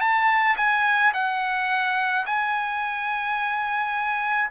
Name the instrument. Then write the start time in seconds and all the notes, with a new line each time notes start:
trumpet
0.00 A5
0.56 G#5
1.13 F#5
2.26 G#5